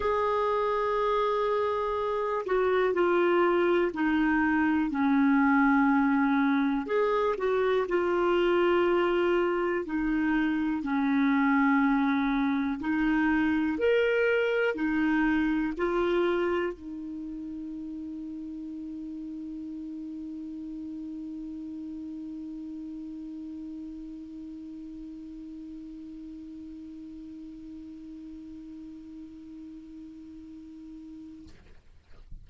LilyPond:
\new Staff \with { instrumentName = "clarinet" } { \time 4/4 \tempo 4 = 61 gis'2~ gis'8 fis'8 f'4 | dis'4 cis'2 gis'8 fis'8 | f'2 dis'4 cis'4~ | cis'4 dis'4 ais'4 dis'4 |
f'4 dis'2.~ | dis'1~ | dis'1~ | dis'1 | }